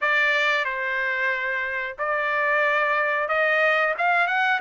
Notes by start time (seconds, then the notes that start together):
0.01 D5
0.64 C5
1.98 D5
3.28 D#5
3.97 F5
4.27 F#5